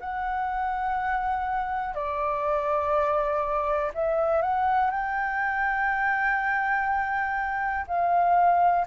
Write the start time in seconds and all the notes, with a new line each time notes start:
0.00 F#5
1.94 D5
3.94 E5
4.42 F#5
4.90 G5
7.87 F5